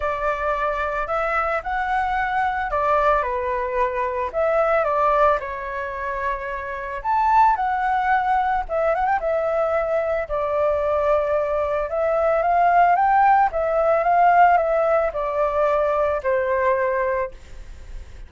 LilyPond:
\new Staff \with { instrumentName = "flute" } { \time 4/4 \tempo 4 = 111 d''2 e''4 fis''4~ | fis''4 d''4 b'2 | e''4 d''4 cis''2~ | cis''4 a''4 fis''2 |
e''8 fis''16 g''16 e''2 d''4~ | d''2 e''4 f''4 | g''4 e''4 f''4 e''4 | d''2 c''2 | }